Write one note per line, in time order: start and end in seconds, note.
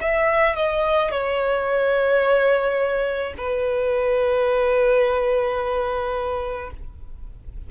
0.00 0.56 E5
0.56 1.11 D#5
1.11 3.33 C#5
3.37 6.70 B4